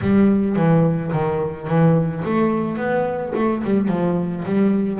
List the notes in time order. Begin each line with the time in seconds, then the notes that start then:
0.01 G3
0.56 E3
1.11 D#3
1.67 E3
2.24 A3
2.77 B3
3.35 A3
3.64 G3
3.88 F3
4.45 G3